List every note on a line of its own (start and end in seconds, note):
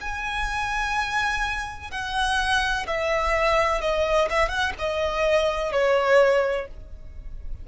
0.00 1.90 G#5
1.90 2.86 F#5
2.87 3.81 E5
3.81 4.28 D#5
4.29 4.48 E5
4.48 4.72 F#5
4.78 5.72 D#5
5.72 6.67 C#5